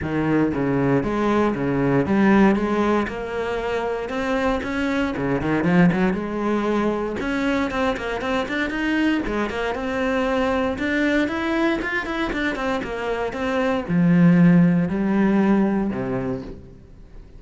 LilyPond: \new Staff \with { instrumentName = "cello" } { \time 4/4 \tempo 4 = 117 dis4 cis4 gis4 cis4 | g4 gis4 ais2 | c'4 cis'4 cis8 dis8 f8 fis8 | gis2 cis'4 c'8 ais8 |
c'8 d'8 dis'4 gis8 ais8 c'4~ | c'4 d'4 e'4 f'8 e'8 | d'8 c'8 ais4 c'4 f4~ | f4 g2 c4 | }